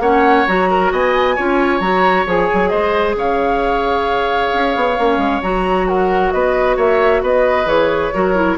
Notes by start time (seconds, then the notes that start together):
0.00 A#3 C#4 C#5 F#5
0.47 F#3 F#4 A#5
0.71 A#4
0.92 B3 D#5 G#5
1.36 C#4 F4 C#5
1.80 F#3 F#4 A#5
2.26 F3 G#4 G#5
2.54 F#3
2.69 G#3 C5 D#5
3.16 C#3 C#5 F5
4.54 C#4
4.76 B3
4.99 A#3 C#4
5.18 G#3
5.43 F#3 F#4 A#5
5.88 A#4 F#5
6.31 B3 B4 D#5
6.77 A#3 C#5 E5
7.23 B3 B4 D#5
7.66 E3 G#4 C#5
8.14 F#3 F#4 A#4
8.35 E4